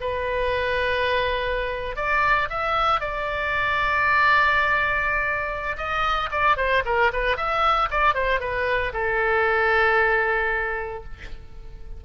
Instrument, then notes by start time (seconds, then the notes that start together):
oboe
0.00 B4
1.95 D5
2.49 E5
3.00 D5
5.77 D#5
6.31 D5
6.57 C5
6.85 A#4
7.12 B4
7.36 E5
7.90 D5
8.14 C5
8.39 B4
8.93 A4